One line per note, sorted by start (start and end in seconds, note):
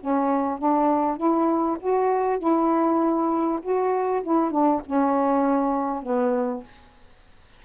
0.00 0.58 C#4
0.58 1.17 D4
1.17 1.77 E4
1.80 2.38 F#4
2.38 3.60 E4
3.62 4.23 F#4
4.23 4.51 E4
4.51 4.81 D4
4.86 6.03 C#4
6.03 6.63 B3